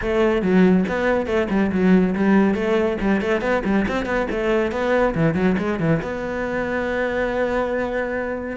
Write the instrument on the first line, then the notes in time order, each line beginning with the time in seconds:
cello
0.01 A3
0.42 F#3
0.88 B3
1.26 A3
1.50 G3
1.71 F#3
2.15 G3
2.54 A3
3.00 G3
3.21 A3
3.41 B3
3.64 G3
3.87 C4
4.05 B3
4.30 A3
4.71 B3
5.14 E3
5.34 F#3
5.58 G#3
5.79 E3
6.02 B3